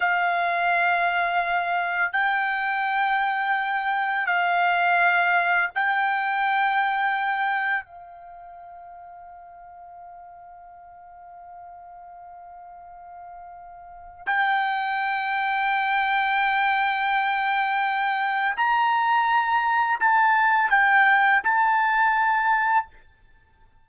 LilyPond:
\new Staff \with { instrumentName = "trumpet" } { \time 4/4 \tempo 4 = 84 f''2. g''4~ | g''2 f''2 | g''2. f''4~ | f''1~ |
f''1 | g''1~ | g''2 ais''2 | a''4 g''4 a''2 | }